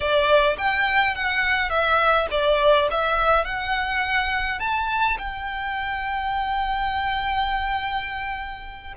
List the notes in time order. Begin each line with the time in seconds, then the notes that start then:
0.00 D5
0.58 G5
1.15 F#5
1.69 E5
2.31 D5
2.91 E5
3.45 F#5
4.59 A5
5.18 G5